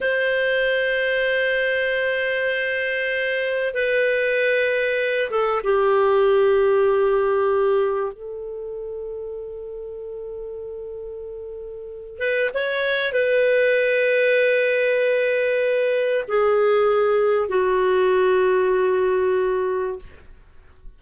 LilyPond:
\new Staff \with { instrumentName = "clarinet" } { \time 4/4 \tempo 4 = 96 c''1~ | c''2 b'2~ | b'8 a'8 g'2.~ | g'4 a'2.~ |
a'2.~ a'8 b'8 | cis''4 b'2.~ | b'2 gis'2 | fis'1 | }